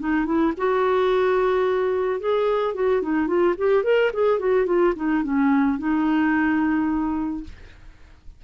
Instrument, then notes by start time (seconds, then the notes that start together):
clarinet
0.00 D#4
0.26 E4
0.58 F#4
2.20 G#4
2.75 F#4
3.02 D#4
3.28 F4
3.58 G4
3.84 A#4
4.14 G#4
4.40 F#4
4.67 F4
4.96 D#4
5.24 C#4
5.79 D#4